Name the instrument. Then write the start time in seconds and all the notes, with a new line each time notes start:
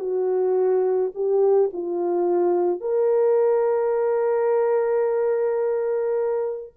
horn
0.00 F#4
1.15 G4
1.74 F4
2.81 A#4